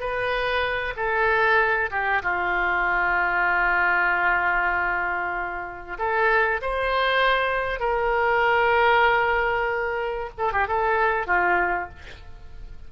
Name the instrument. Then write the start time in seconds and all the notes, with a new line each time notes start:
oboe
0.00 B4
0.97 A4
1.91 G4
2.23 F4
5.99 A4
6.62 C5
7.80 A#4
10.38 A4
10.53 G4
10.68 A4
11.27 F4